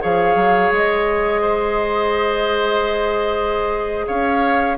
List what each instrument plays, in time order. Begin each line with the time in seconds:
0.00 bassoon F3, clarinet G#4, oboe C#5, flute F5
0.35 bassoon F#3
0.71 bassoon G#3, flute D#5
1.41 oboe C5
4.07 bassoon C#4, oboe C#5, flute F5